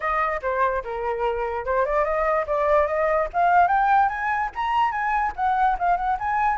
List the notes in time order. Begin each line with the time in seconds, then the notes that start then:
0.00 D#5
0.41 C5
0.84 A#4
1.65 C5
1.85 D5
2.04 D#5
2.46 D5
2.87 D#5
3.33 F5
3.67 G5
4.09 G#5
4.55 A#5
4.91 G#5
5.36 F#5
5.78 F5
5.96 F#5
6.19 G#5